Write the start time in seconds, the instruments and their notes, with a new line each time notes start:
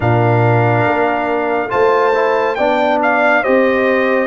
0.00 tuba A#2, trombone D4, horn A#4, trumpet F5
0.86 tuba A#3
1.69 tuba A3, trombone F4, horn C5, trumpet A5
2.14 trombone E4
2.55 tuba B3, trombone D4, horn D5, trumpet G5
3.02 trumpet F5
3.42 tuba C4, trombone G4, horn C5, trumpet D#5